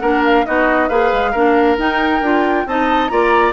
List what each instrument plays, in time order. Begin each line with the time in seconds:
0.00 bassoon A#3, clarinet D4, oboe A#4, flute F#5
0.26 flute F5
0.46 bassoon B3, clarinet D#4, oboe F#4, flute D#5
0.89 bassoon A#3, clarinet G#4, oboe B4, flute F5
1.13 bassoon G#3
1.32 bassoon A#3, clarinet D4, oboe A#4
1.78 bassoon D#4, clarinet D#4, flute G5
2.22 bassoon D4, clarinet F4
2.66 bassoon C4, clarinet D#4, oboe D#5, flute A5
3.09 bassoon A#3, clarinet F4, oboe D5, flute A#5